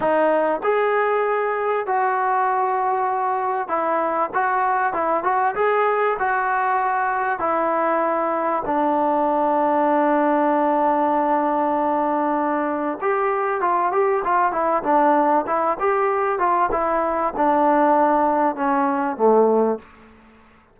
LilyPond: \new Staff \with { instrumentName = "trombone" } { \time 4/4 \tempo 4 = 97 dis'4 gis'2 fis'4~ | fis'2 e'4 fis'4 | e'8 fis'8 gis'4 fis'2 | e'2 d'2~ |
d'1~ | d'4 g'4 f'8 g'8 f'8 e'8 | d'4 e'8 g'4 f'8 e'4 | d'2 cis'4 a4 | }